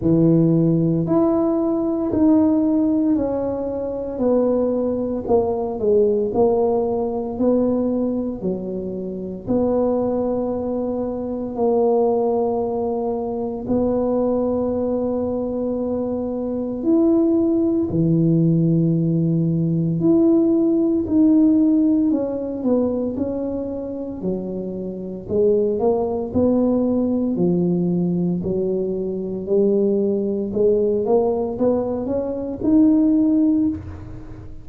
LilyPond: \new Staff \with { instrumentName = "tuba" } { \time 4/4 \tempo 4 = 57 e4 e'4 dis'4 cis'4 | b4 ais8 gis8 ais4 b4 | fis4 b2 ais4~ | ais4 b2. |
e'4 e2 e'4 | dis'4 cis'8 b8 cis'4 fis4 | gis8 ais8 b4 f4 fis4 | g4 gis8 ais8 b8 cis'8 dis'4 | }